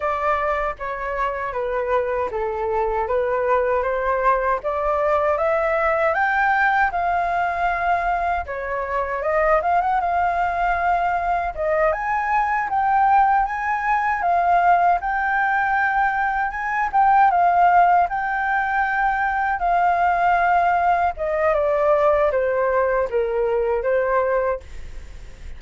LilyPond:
\new Staff \with { instrumentName = "flute" } { \time 4/4 \tempo 4 = 78 d''4 cis''4 b'4 a'4 | b'4 c''4 d''4 e''4 | g''4 f''2 cis''4 | dis''8 f''16 fis''16 f''2 dis''8 gis''8~ |
gis''8 g''4 gis''4 f''4 g''8~ | g''4. gis''8 g''8 f''4 g''8~ | g''4. f''2 dis''8 | d''4 c''4 ais'4 c''4 | }